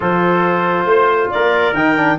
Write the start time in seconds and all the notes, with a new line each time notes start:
0.00 F3 F4 A4 C5
0.85 A3 C5
1.30 A#3 A#4 D5
1.73 D#3 D#4 G5
1.96 D4